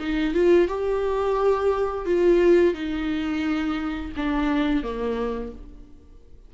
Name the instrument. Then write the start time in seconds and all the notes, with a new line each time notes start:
viola
0.00 D#4
0.34 F4
0.68 G4
2.06 F4
2.75 D#4
4.17 D4
4.84 A#3